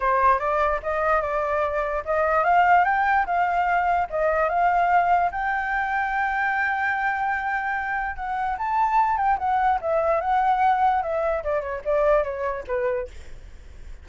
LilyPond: \new Staff \with { instrumentName = "flute" } { \time 4/4 \tempo 4 = 147 c''4 d''4 dis''4 d''4~ | d''4 dis''4 f''4 g''4 | f''2 dis''4 f''4~ | f''4 g''2.~ |
g''1 | fis''4 a''4. g''8 fis''4 | e''4 fis''2 e''4 | d''8 cis''8 d''4 cis''4 b'4 | }